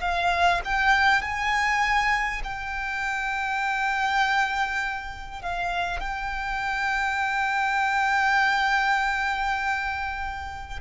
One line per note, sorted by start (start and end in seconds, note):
0.00 0.60 F5
0.64 1.21 G5
1.21 2.41 G#5
2.43 5.41 G5
5.41 5.99 F5
5.99 10.79 G5